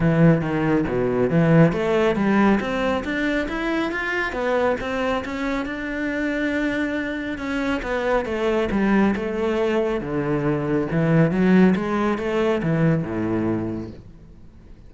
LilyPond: \new Staff \with { instrumentName = "cello" } { \time 4/4 \tempo 4 = 138 e4 dis4 b,4 e4 | a4 g4 c'4 d'4 | e'4 f'4 b4 c'4 | cis'4 d'2.~ |
d'4 cis'4 b4 a4 | g4 a2 d4~ | d4 e4 fis4 gis4 | a4 e4 a,2 | }